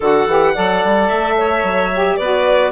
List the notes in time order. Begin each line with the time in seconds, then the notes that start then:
0.00 D3 F#4 A4 F#5
0.27 E3 G4
0.54 F#3 A4 D5
0.84 G3
1.08 A3 E5
1.37 C#5
1.63 F#3
1.94 G4
2.16 B3 F#4 B4 D5